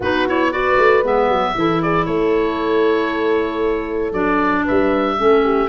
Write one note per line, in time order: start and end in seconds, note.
0.00 0.77 B3
0.00 0.27 D#4
0.00 0.49 F#4
0.00 0.27 B4
0.27 0.52 E4
0.27 0.52 C#5
0.50 1.03 F#4
0.50 1.54 B4
0.50 1.03 D5
0.77 1.03 A3
1.03 1.29 G#3
1.03 1.55 B3
1.03 1.82 E5
1.29 1.54 F#3
1.55 2.06 E3
1.55 4.13 E4
1.55 1.83 A4
1.82 2.06 G#4
1.82 2.05 D5
2.05 4.12 A3
2.05 4.64 A4
2.05 4.12 C#5
4.12 4.64 F#3
4.12 5.17 D4
4.12 4.64 D5
4.64 5.19 G3
4.64 5.16 B4
4.64 5.68 E5
5.17 5.68 A3
5.17 5.68 C#4
5.17 5.43 A4
5.43 5.68 G4